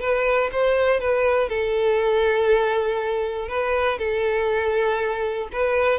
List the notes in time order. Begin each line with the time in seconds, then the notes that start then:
0.00 B4
0.52 C5
1.00 B4
1.48 A4
3.48 B4
3.98 A4
5.52 B4